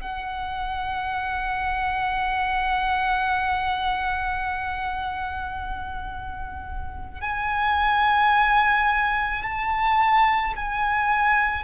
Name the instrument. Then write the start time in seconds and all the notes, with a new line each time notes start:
violin
0.00 F#5
7.21 G#5
9.43 A5
10.56 G#5